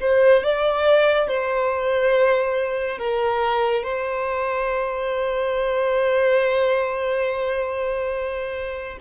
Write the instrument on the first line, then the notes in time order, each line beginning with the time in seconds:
violin
0.00 C5
0.43 D5
1.27 C5
2.98 A#4
3.83 C5